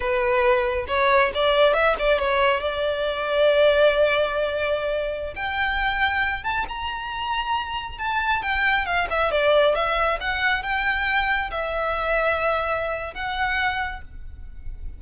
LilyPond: \new Staff \with { instrumentName = "violin" } { \time 4/4 \tempo 4 = 137 b'2 cis''4 d''4 | e''8 d''8 cis''4 d''2~ | d''1~ | d''16 g''2~ g''8 a''8 ais''8.~ |
ais''2~ ais''16 a''4 g''8.~ | g''16 f''8 e''8 d''4 e''4 fis''8.~ | fis''16 g''2 e''4.~ e''16~ | e''2 fis''2 | }